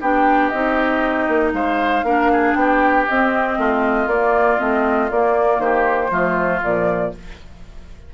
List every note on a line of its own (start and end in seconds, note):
0.00 0.52 B3
0.00 0.53 D4
0.00 1.53 G4
0.00 0.49 G5
0.49 1.28 C4
0.49 2.05 D#4
0.49 1.51 D#5
1.28 1.52 A#3
1.52 2.03 G#3
1.52 2.05 C5
1.52 2.54 F5
2.03 2.54 A#3
2.03 3.07 D4
2.03 2.31 A#4
2.32 2.57 G#4
2.54 3.05 B3
2.54 3.58 G4
2.54 3.05 G5
3.08 3.58 C4
3.08 4.08 C4
3.08 4.08 D#5
3.58 4.06 A3
3.58 5.62 F4
4.06 4.57 A#3
4.06 4.59 A#3
4.06 4.59 D5
4.59 5.10 A3
4.59 5.09 C4
4.59 5.10 D#5
5.10 5.58 A#3
5.10 6.10 A#3
5.10 5.60 D5
5.58 6.09 D#3
5.58 6.11 G4
5.58 6.61 C5
6.10 6.61 F3
6.10 6.61 A3
6.10 7.13 F4
6.62 7.13 A#2
6.62 7.13 F3
6.62 7.14 D5